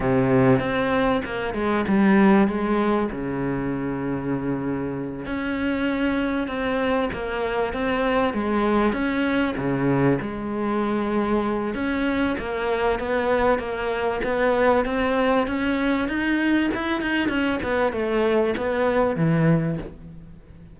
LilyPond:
\new Staff \with { instrumentName = "cello" } { \time 4/4 \tempo 4 = 97 c4 c'4 ais8 gis8 g4 | gis4 cis2.~ | cis8 cis'2 c'4 ais8~ | ais8 c'4 gis4 cis'4 cis8~ |
cis8 gis2~ gis8 cis'4 | ais4 b4 ais4 b4 | c'4 cis'4 dis'4 e'8 dis'8 | cis'8 b8 a4 b4 e4 | }